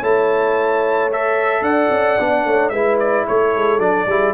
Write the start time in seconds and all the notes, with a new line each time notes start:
0.00 A3 E4 C#5 A5
1.12 A4 E5
1.61 D4 D5 F#5
1.90 C#4
2.20 B3 D4
2.45 A3 C#5
2.70 G#3 E4 B4 E5
3.00 D5
3.28 A3 A4 C#5
3.56 G#3
3.79 F#3 D4 D5
4.07 G3 E4 G#4